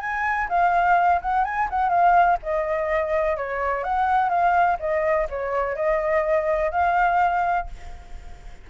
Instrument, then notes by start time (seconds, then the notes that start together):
flute
0.00 G#5
0.49 F5
1.22 F#5
1.44 G#5
1.70 F#5
1.89 F5
2.43 D#5
3.37 C#5
3.84 F#5
4.29 F5
4.80 D#5
5.30 C#5
5.75 D#5
6.71 F5